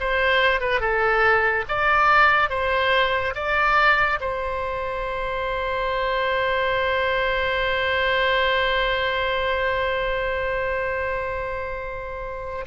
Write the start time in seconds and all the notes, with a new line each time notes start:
0.00 C5
0.61 B4
0.81 A4
1.69 D5
2.50 C5
3.35 D5
4.21 C5